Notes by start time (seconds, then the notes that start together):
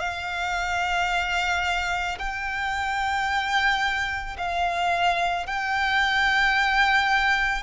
0.00 F5
2.19 G5
4.38 F5
5.46 G5